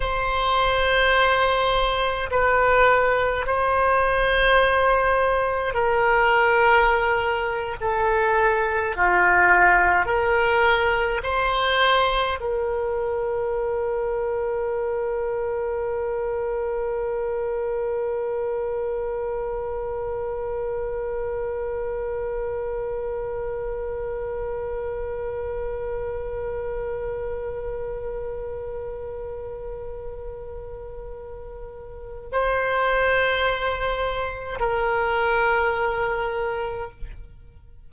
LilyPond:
\new Staff \with { instrumentName = "oboe" } { \time 4/4 \tempo 4 = 52 c''2 b'4 c''4~ | c''4 ais'4.~ ais'16 a'4 f'16~ | f'8. ais'4 c''4 ais'4~ ais'16~ | ais'1~ |
ais'1~ | ais'1~ | ais'1 | c''2 ais'2 | }